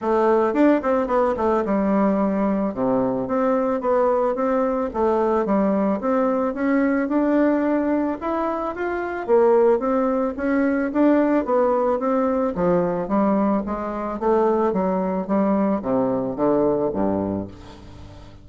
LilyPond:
\new Staff \with { instrumentName = "bassoon" } { \time 4/4 \tempo 4 = 110 a4 d'8 c'8 b8 a8 g4~ | g4 c4 c'4 b4 | c'4 a4 g4 c'4 | cis'4 d'2 e'4 |
f'4 ais4 c'4 cis'4 | d'4 b4 c'4 f4 | g4 gis4 a4 fis4 | g4 c4 d4 g,4 | }